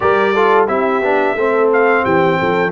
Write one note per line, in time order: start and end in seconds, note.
0.00 0.68 G3
0.00 0.34 G4
0.00 0.34 A#4
0.00 0.65 D5
0.34 0.67 F4
0.34 0.67 A4
0.67 1.02 C4
0.67 1.01 E4
0.67 1.36 G4
0.67 1.69 E5
1.02 1.35 B3
1.02 1.36 D4
1.35 2.03 A3
1.35 2.72 C4
1.35 2.03 A4
1.72 2.04 F5
2.03 2.39 E3
2.03 2.37 G4
2.03 2.72 G5
2.39 2.72 F3
2.39 2.72 A4